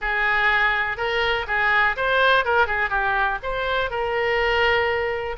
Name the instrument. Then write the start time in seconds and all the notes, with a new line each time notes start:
oboe
0.01 G#4
0.97 A#4
1.47 G#4
1.96 C5
2.44 A#4
2.67 G#4
2.89 G4
3.43 C5
3.90 A#4